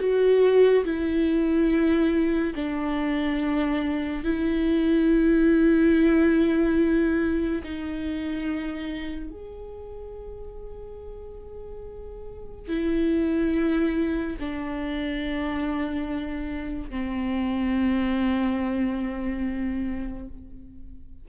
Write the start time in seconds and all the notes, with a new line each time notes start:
0.00 F#4
0.85 E4
2.55 D4
4.24 E4
7.64 D#4
9.30 G#4
12.68 E4
14.39 D4
16.91 C4